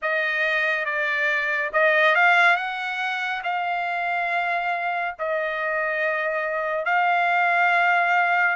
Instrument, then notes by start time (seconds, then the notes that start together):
trumpet
0.02 D#5
0.85 D5
1.72 D#5
2.15 F5
2.56 F#5
3.43 F5
5.19 D#5
6.85 F5